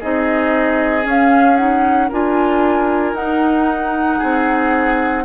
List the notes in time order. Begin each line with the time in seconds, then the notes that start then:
0.00 C4 D#4 G#4 D#5
1.02 C#4
1.09 F5
1.56 D#4 F#5
2.09 D4 F4 A#4 G#5
3.13 D#4 F#5
4.18 C4 G#4